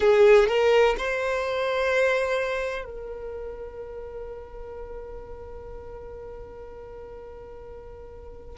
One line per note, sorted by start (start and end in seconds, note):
0.00 0.48 G#4
0.48 0.95 A#4
0.97 2.84 C5
2.84 8.56 A#4